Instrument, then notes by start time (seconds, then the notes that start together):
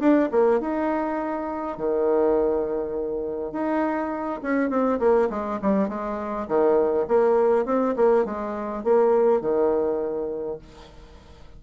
bassoon
0.00 D4
0.32 A#3
0.61 D#4
1.78 D#3
3.52 D#4
4.43 C#4
4.70 C4
5.00 A#3
5.30 G#3
5.62 G3
5.89 G#3
6.48 D#3
7.08 A#3
7.66 C4
7.97 A#3
8.25 G#3
8.84 A#3
9.41 D#3